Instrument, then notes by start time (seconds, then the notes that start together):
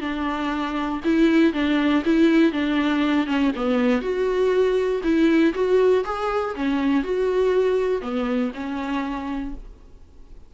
viola
0.00 D4
1.04 E4
1.53 D4
2.04 E4
2.52 D4
3.26 C#4
3.55 B3
4.01 F#4
5.03 E4
5.54 F#4
6.04 G#4
6.55 C#4
7.03 F#4
8.01 B3
8.54 C#4